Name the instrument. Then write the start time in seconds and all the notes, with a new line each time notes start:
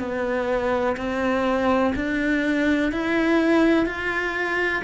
cello
0.00 B3
0.98 C4
1.96 D4
2.93 E4
3.87 F4